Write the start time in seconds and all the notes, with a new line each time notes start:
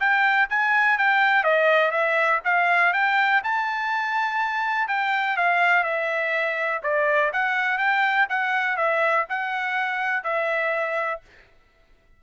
0.00 G5
0.49 G#5
0.98 G5
1.43 D#5
1.91 E5
2.44 F5
2.93 G5
3.43 A5
4.88 G5
5.37 F5
5.84 E5
6.83 D5
7.33 F#5
7.78 G5
8.29 F#5
8.77 E5
9.29 F#5
10.23 E5